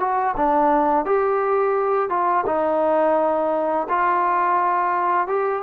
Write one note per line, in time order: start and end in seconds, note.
0.00 0.35 F#4
0.37 1.06 D4
1.06 2.10 G4
2.10 2.45 F4
2.46 3.88 D#4
3.89 5.27 F4
5.27 5.63 G4